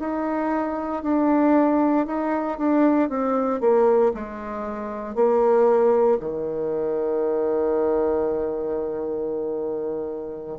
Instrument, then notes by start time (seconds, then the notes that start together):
bassoon
0.00 D#4
1.03 D4
2.07 D#4
2.59 D4
3.09 C4
3.61 A#3
4.14 G#3
5.15 A#3
6.21 D#3